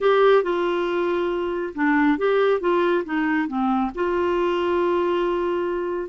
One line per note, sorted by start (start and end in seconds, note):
0.00 0.43 G4
0.43 1.73 F4
1.74 2.17 D4
2.17 2.60 G4
2.60 3.04 F4
3.04 3.47 D#4
3.47 3.91 C4
3.94 6.09 F4